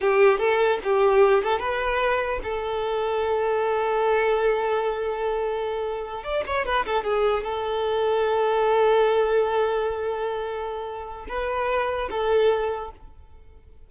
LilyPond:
\new Staff \with { instrumentName = "violin" } { \time 4/4 \tempo 4 = 149 g'4 a'4 g'4. a'8 | b'2 a'2~ | a'1~ | a'2.~ a'8 d''8 |
cis''8 b'8 a'8 gis'4 a'4.~ | a'1~ | a'1 | b'2 a'2 | }